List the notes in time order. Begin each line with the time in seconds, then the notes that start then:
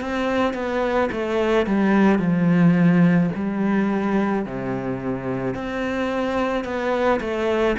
0.00 C4
0.54 B3
1.12 A3
1.66 G3
2.19 F3
3.35 G3
4.45 C3
5.55 C4
6.64 B3
7.20 A3